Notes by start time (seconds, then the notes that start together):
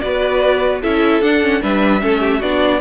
0.00 B3 F#4 B4 D5
0.82 C#4 E4 A4 E5
1.22 D4 F#5
1.43 C#4
1.61 G3 D4 B4 E5
2.01 A3 C#4 A4
2.20 G4
2.40 B3 D4 F#4 D5